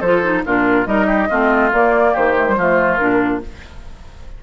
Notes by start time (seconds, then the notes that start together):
0.00 F3 F4 A4 C5
0.23 D#4
0.46 A#2 D4 F4 A#4
0.86 G3 D#4 A#4 D#5
1.07 G4
1.30 A3 C4 F4
1.73 A#3 D5
2.12 D#3 G4 C5
2.37 A3
2.48 G3
2.57 F3 A3 F4
2.96 A#2 D4 A#4